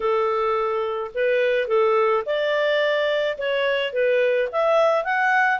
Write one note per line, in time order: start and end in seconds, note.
0.00 1.11 A4
1.14 1.67 B4
1.67 2.23 A4
2.25 3.37 D5
3.38 3.93 C#5
3.93 4.49 B4
4.52 5.04 E5
5.04 5.59 F#5